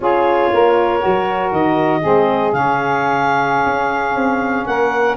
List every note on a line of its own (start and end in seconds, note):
0.00 0.50 C#4
0.00 0.99 F4
0.00 0.51 G#4
0.00 1.52 C#5
0.52 1.02 A#3
0.52 2.01 A#4
0.99 2.00 F#4
1.05 1.51 F#3
1.51 2.01 D#3
1.51 2.52 D#5
2.01 2.53 G#3
2.01 2.52 C4
2.01 4.65 G#4
2.52 3.66 C#3
2.52 5.17 C#4
2.52 4.66 F5
3.66 4.15 C#4
4.15 4.65 C4
4.66 5.17 A#3
4.66 5.17 A#4
4.66 5.16 F#5